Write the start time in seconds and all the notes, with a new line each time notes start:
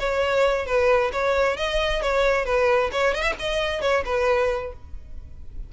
0.00 C#5
0.66 B4
1.13 C#5
1.57 D#5
2.02 C#5
2.45 B4
2.92 C#5
3.15 D#5
3.22 E5
3.39 D#5
3.81 C#5
4.05 B4